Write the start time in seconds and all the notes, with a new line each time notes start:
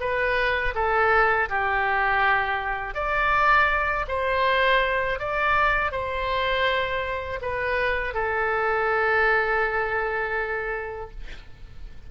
0.00 B4
0.75 A4
1.49 G4
2.94 D5
4.08 C5
5.19 D5
5.92 C5
7.42 B4
8.14 A4